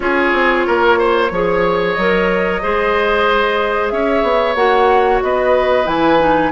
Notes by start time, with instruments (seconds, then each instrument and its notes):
0.00 bassoon C#4, clarinet F4, oboe G#4, flute C#5
0.32 bassoon C4
0.67 bassoon A#3, oboe A#4
0.98 oboe C5
1.31 bassoon F3, clarinet G#4, oboe C#5
1.92 bassoon F#3, clarinet A#4, flute D#5
2.61 bassoon G#3, clarinet G#4, oboe C5
3.89 bassoon C#4, oboe C#5, flute E5
4.23 bassoon B3
4.55 bassoon A#3, clarinet F#4, flute F#5
5.22 bassoon B3, oboe B4, flute D#5
5.84 bassoon E3, clarinet E4, flute G#5
6.19 clarinet D#4